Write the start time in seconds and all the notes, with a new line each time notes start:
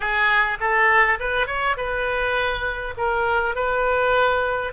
0.00 G#4
0.60 A4
1.19 B4
1.47 C#5
1.76 B4
2.97 A#4
3.55 B4